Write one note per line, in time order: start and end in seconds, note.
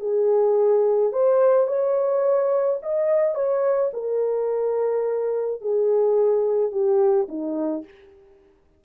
0.00 1.12 G#4
1.12 1.67 C5
1.67 2.79 C#5
2.82 3.35 D#5
3.35 3.91 C#5
3.93 5.61 A#4
5.61 6.71 G#4
6.71 7.27 G4
7.28 7.84 D#4